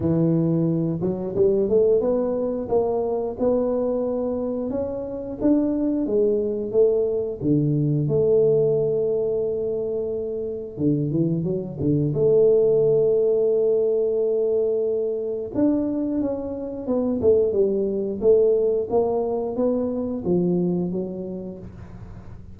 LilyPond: \new Staff \with { instrumentName = "tuba" } { \time 4/4 \tempo 4 = 89 e4. fis8 g8 a8 b4 | ais4 b2 cis'4 | d'4 gis4 a4 d4 | a1 |
d8 e8 fis8 d8 a2~ | a2. d'4 | cis'4 b8 a8 g4 a4 | ais4 b4 f4 fis4 | }